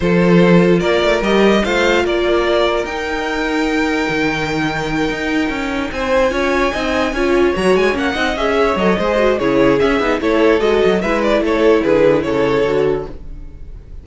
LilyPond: <<
  \new Staff \with { instrumentName = "violin" } { \time 4/4 \tempo 4 = 147 c''2 d''4 dis''4 | f''4 d''2 g''4~ | g''1~ | g''2~ g''8 gis''4.~ |
gis''2~ gis''8 ais''8 gis''8 fis''8~ | fis''8 e''4 dis''4. cis''4 | e''4 cis''4 dis''4 e''8 d''8 | cis''4 b'4 cis''2 | }
  \new Staff \with { instrumentName = "violin" } { \time 4/4 a'2 ais'2 | c''4 ais'2.~ | ais'1~ | ais'2~ ais'8 c''4 cis''8~ |
cis''8 dis''4 cis''2~ cis''8 | dis''4 cis''4 c''4 gis'4~ | gis'4 a'2 b'4 | a'4 gis'4 a'2 | }
  \new Staff \with { instrumentName = "viola" } { \time 4/4 f'2. g'4 | f'2. dis'4~ | dis'1~ | dis'2.~ dis'8 f'8~ |
f'8 dis'4 f'4 fis'4 cis'8 | dis'8 gis'4 a'8 gis'8 fis'8 e'4 | cis'8 dis'8 e'4 fis'4 e'4~ | e'2. fis'4 | }
  \new Staff \with { instrumentName = "cello" } { \time 4/4 f2 ais8 a8 g4 | a4 ais2 dis'4~ | dis'2 dis2~ | dis8 dis'4 cis'4 c'4 cis'8~ |
cis'8 c'4 cis'4 fis8 gis8 ais8 | c'8 cis'4 fis8 gis4 cis4 | cis'8 b8 a4 gis8 fis8 gis4 | a4 d4 cis4 d4 | }
>>